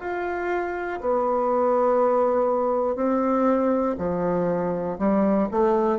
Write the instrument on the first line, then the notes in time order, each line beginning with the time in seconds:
bassoon
0.00 F4
1.01 B3
2.96 C4
3.98 F3
4.99 G3
5.51 A3